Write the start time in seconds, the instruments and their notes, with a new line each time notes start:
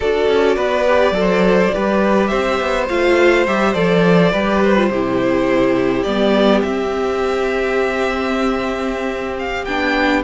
0.00 cello D4, viola F#4, violin A4 D5
0.28 cello C#4
0.56 cello B3, violin B4
0.87 viola G4
1.11 cello F#3, viola A4
1.20 violin C5
1.73 cello G3, viola G4, violin B4
2.27 cello C4, violin C5 E5
2.60 cello B3
2.88 cello A3, viola F4, violin F5
3.46 cello G3, viola G4, violin E5
3.73 cello F3, viola A4, violin D5
4.31 cello G3, viola G4, violin B4
4.62 violin C5
4.76 viola F4
4.89 cello C3, viola E4, violin G4
6.03 cello G3, viola B3, violin D5
6.62 cello C4, viola C4, violin E5
9.39 violin F5
9.64 cello B3, viola D4, violin G5